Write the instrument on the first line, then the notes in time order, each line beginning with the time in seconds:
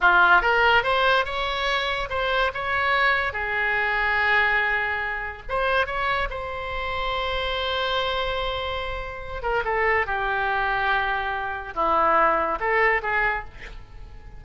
oboe
0.00 F4
0.41 A#4
0.83 C5
1.25 C#5
2.09 C5
2.54 C#5
3.32 G#4
5.49 C5
5.86 C#5
6.29 C5
9.42 A#4
9.64 A4
10.06 G4
11.74 E4
12.60 A4
13.02 G#4